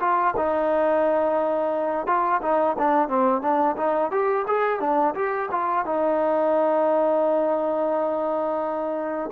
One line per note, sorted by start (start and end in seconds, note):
0.00 0.34 F4
0.37 2.07 D#4
2.07 2.41 F4
2.42 2.76 D#4
2.78 3.09 D4
3.09 3.42 C4
3.42 3.76 D4
3.77 4.11 D#4
4.11 4.46 G4
4.47 4.80 G#4
4.80 5.14 D4
5.15 5.49 G4
5.51 5.86 F4
5.86 9.30 D#4